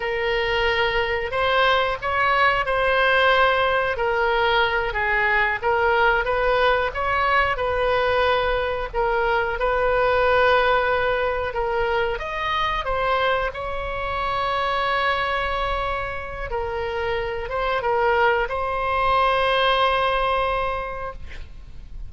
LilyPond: \new Staff \with { instrumentName = "oboe" } { \time 4/4 \tempo 4 = 91 ais'2 c''4 cis''4 | c''2 ais'4. gis'8~ | gis'8 ais'4 b'4 cis''4 b'8~ | b'4. ais'4 b'4.~ |
b'4. ais'4 dis''4 c''8~ | c''8 cis''2.~ cis''8~ | cis''4 ais'4. c''8 ais'4 | c''1 | }